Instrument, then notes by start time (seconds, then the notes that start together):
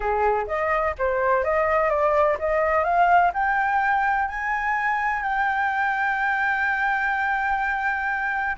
flute
0.00 G#4
0.47 D#5
0.98 C5
1.44 D#5
1.89 D5
2.39 D#5
2.84 F5
3.33 G5
4.28 G#5
5.22 G5